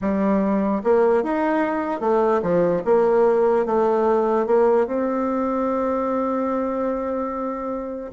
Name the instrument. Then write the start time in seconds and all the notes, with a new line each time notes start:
bassoon
0.01 G3
0.83 A#3
1.23 D#4
2.00 A3
2.42 F3
2.84 A#3
3.65 A3
4.46 A#3
4.86 C4